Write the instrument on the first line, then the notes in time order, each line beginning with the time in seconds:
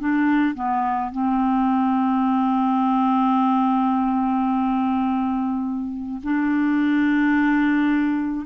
clarinet
0.00 D4
0.55 B3
1.12 C4
6.24 D4